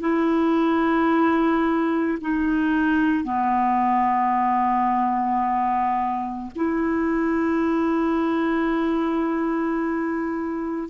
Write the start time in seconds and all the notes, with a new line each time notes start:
0.00 E4
2.21 D#4
3.24 B3
6.56 E4